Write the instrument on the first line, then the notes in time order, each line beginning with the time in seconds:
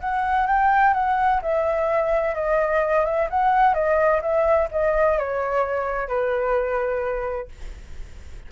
flute
0.00 F#5
0.47 G5
0.94 F#5
1.42 E5
2.35 D#5
3.05 E5
3.30 F#5
3.74 D#5
4.22 E5
4.71 D#5
5.18 C#5
6.08 B4